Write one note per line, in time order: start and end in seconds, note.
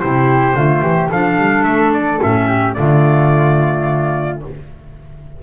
0.00 0.55 C3
0.00 0.55 E4
0.00 0.56 G4
0.00 1.10 C5
0.55 0.82 D3
0.55 1.10 A3
0.55 0.82 F4
0.82 1.10 E3
0.82 1.10 G4
1.10 1.37 F3
1.10 2.20 D4
1.10 2.47 A4
1.10 1.64 F5
1.37 1.64 G3
1.64 2.19 A3
1.64 1.91 E5
1.93 2.21 D5
2.20 2.78 A2
2.20 2.75 C#4
2.20 2.74 E5
2.47 2.75 G4
2.74 4.43 D3
2.74 4.42 A3
2.74 4.43 F4
2.74 4.40 D5